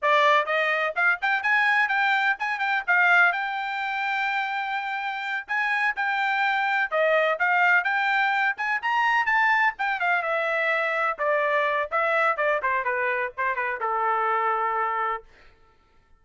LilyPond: \new Staff \with { instrumentName = "trumpet" } { \time 4/4 \tempo 4 = 126 d''4 dis''4 f''8 g''8 gis''4 | g''4 gis''8 g''8 f''4 g''4~ | g''2.~ g''8 gis''8~ | gis''8 g''2 dis''4 f''8~ |
f''8 g''4. gis''8 ais''4 a''8~ | a''8 g''8 f''8 e''2 d''8~ | d''4 e''4 d''8 c''8 b'4 | c''8 b'8 a'2. | }